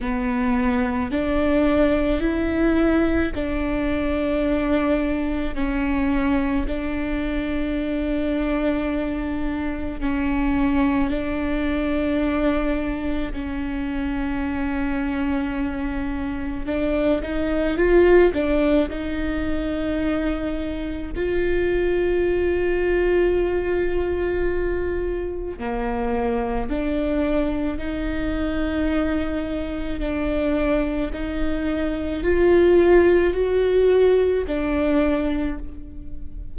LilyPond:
\new Staff \with { instrumentName = "viola" } { \time 4/4 \tempo 4 = 54 b4 d'4 e'4 d'4~ | d'4 cis'4 d'2~ | d'4 cis'4 d'2 | cis'2. d'8 dis'8 |
f'8 d'8 dis'2 f'4~ | f'2. ais4 | d'4 dis'2 d'4 | dis'4 f'4 fis'4 d'4 | }